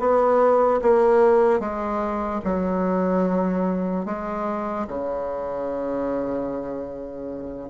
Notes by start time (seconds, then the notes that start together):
0.00 B3
0.83 A#3
1.60 G#3
2.45 F#3
4.06 G#3
4.88 C#3